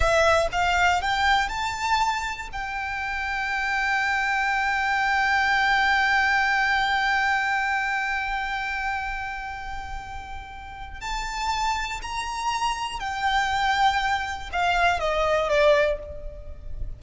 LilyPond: \new Staff \with { instrumentName = "violin" } { \time 4/4 \tempo 4 = 120 e''4 f''4 g''4 a''4~ | a''4 g''2.~ | g''1~ | g''1~ |
g''1~ | g''2 a''2 | ais''2 g''2~ | g''4 f''4 dis''4 d''4 | }